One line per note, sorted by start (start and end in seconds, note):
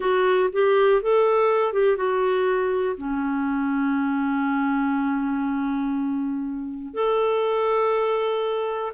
0.00 0.50 F#4
0.52 1.01 G4
1.02 1.72 A4
1.72 1.96 G4
1.96 2.95 F#4
2.97 6.94 C#4
6.94 8.92 A4